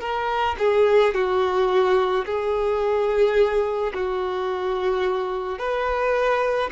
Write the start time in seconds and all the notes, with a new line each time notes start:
0.00 A#4
0.59 G#4
1.14 F#4
2.26 G#4
3.93 F#4
5.59 B4